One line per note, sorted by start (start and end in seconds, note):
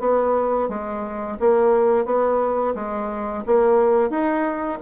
0.00 0.69 B3
0.69 1.38 G#3
1.40 2.06 A#3
2.06 2.75 B3
2.75 3.44 G#3
3.46 4.10 A#3
4.10 4.79 D#4